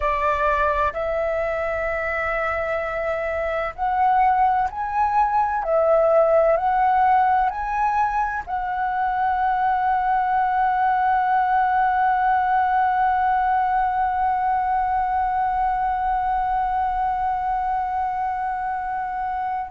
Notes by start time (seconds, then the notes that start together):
0.00 D5
0.93 E5
3.75 F#5
4.70 G#5
5.63 E5
6.56 F#5
7.49 G#5
8.46 F#5